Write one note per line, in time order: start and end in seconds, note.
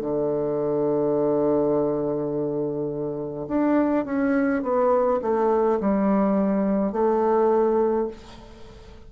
0.00 3.46 D3
3.47 4.05 D4
4.05 4.62 C#4
4.62 5.20 B3
5.21 5.79 A3
5.80 6.92 G3
6.92 8.07 A3